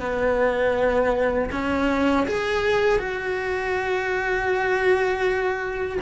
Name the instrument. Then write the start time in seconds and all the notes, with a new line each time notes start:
cello
0.00 B3
1.52 C#4
2.28 G#4
2.99 F#4